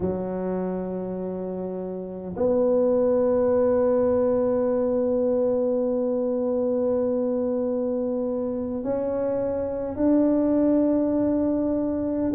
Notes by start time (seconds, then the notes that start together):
0.00 F#3
2.36 B3
8.83 C#4
9.95 D4